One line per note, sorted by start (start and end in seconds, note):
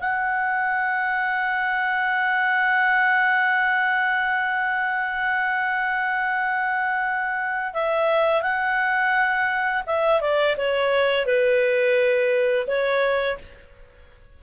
0.00 7.74 F#5
7.74 8.42 E5
8.42 9.83 F#5
9.87 10.21 E5
10.21 10.56 D5
10.57 11.26 C#5
11.26 12.67 B4
12.67 13.38 C#5